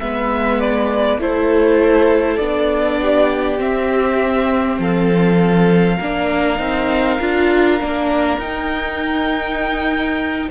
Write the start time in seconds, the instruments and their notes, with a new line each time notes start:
0.00 cello G#3, viola B3, violin B4 E5
0.60 violin D5
1.18 cello A3, viola E4, violin A4 C5
2.37 cello B3, viola D4, violin D5
3.00 violin G4
3.58 viola C4, cello C4, violin E5
4.79 cello F3, violin A4 F5
5.97 cello A#3, viola D4, violin A#4
6.58 cello C4, viola D#4
7.20 cello D4, viola F4
7.80 cello A#3, viola D4
8.38 cello D#4, viola D#4, violin G5